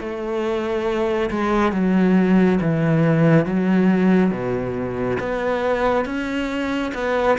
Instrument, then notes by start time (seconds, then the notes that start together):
cello
0.00 A3
1.31 G#3
1.72 F#3
2.62 E3
3.46 F#3
4.31 B2
5.20 B3
6.06 C#4
6.95 B3